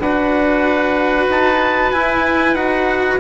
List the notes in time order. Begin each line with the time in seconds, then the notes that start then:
0.00 D4 F#4 B4 F#5
1.29 D#4 A5
1.91 E4 G#5
2.54 D#4 F#4 F#5